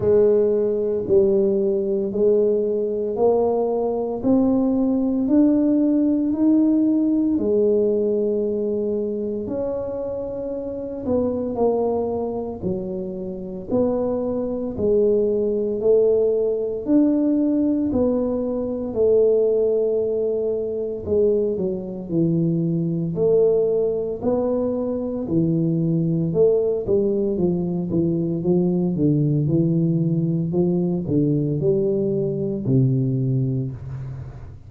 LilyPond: \new Staff \with { instrumentName = "tuba" } { \time 4/4 \tempo 4 = 57 gis4 g4 gis4 ais4 | c'4 d'4 dis'4 gis4~ | gis4 cis'4. b8 ais4 | fis4 b4 gis4 a4 |
d'4 b4 a2 | gis8 fis8 e4 a4 b4 | e4 a8 g8 f8 e8 f8 d8 | e4 f8 d8 g4 c4 | }